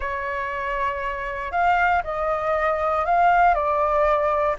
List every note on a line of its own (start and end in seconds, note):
0.00 1.51 C#5
1.51 2.02 F5
2.03 3.05 D#5
3.05 3.54 F5
3.54 4.56 D5